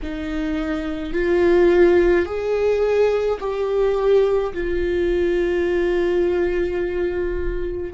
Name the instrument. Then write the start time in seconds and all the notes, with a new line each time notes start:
viola
0.02 D#4
1.13 F4
2.25 G#4
3.40 G4
4.53 F4